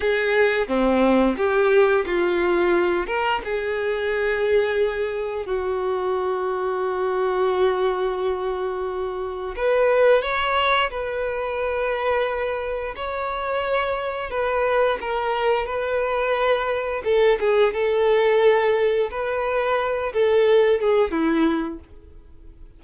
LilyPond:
\new Staff \with { instrumentName = "violin" } { \time 4/4 \tempo 4 = 88 gis'4 c'4 g'4 f'4~ | f'8 ais'8 gis'2. | fis'1~ | fis'2 b'4 cis''4 |
b'2. cis''4~ | cis''4 b'4 ais'4 b'4~ | b'4 a'8 gis'8 a'2 | b'4. a'4 gis'8 e'4 | }